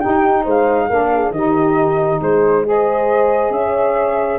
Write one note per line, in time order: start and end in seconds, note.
0.00 0.90 D#4
0.00 0.44 G4
0.00 0.44 G5
0.06 0.46 D#4
0.44 0.90 G#3
0.44 0.87 C5
0.50 1.32 F5
0.89 1.31 A#3
0.89 1.34 D4
0.89 1.11 A#4
1.14 1.34 G#4
1.31 2.19 D#3
1.31 2.65 D#4
1.31 2.22 G4
1.31 2.20 D#5
2.21 3.50 G#3
2.21 2.66 G#4
2.21 2.66 C5
2.65 4.39 G#4
2.65 3.55 C5
2.65 3.52 D#5
3.50 4.38 C#4
3.50 4.39 C#5
3.50 4.39 E5